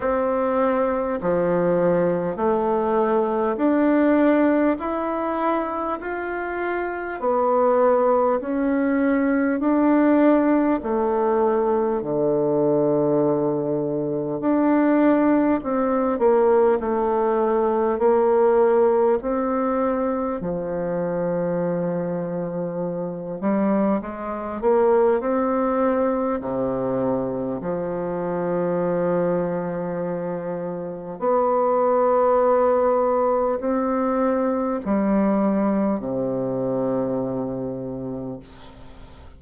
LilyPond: \new Staff \with { instrumentName = "bassoon" } { \time 4/4 \tempo 4 = 50 c'4 f4 a4 d'4 | e'4 f'4 b4 cis'4 | d'4 a4 d2 | d'4 c'8 ais8 a4 ais4 |
c'4 f2~ f8 g8 | gis8 ais8 c'4 c4 f4~ | f2 b2 | c'4 g4 c2 | }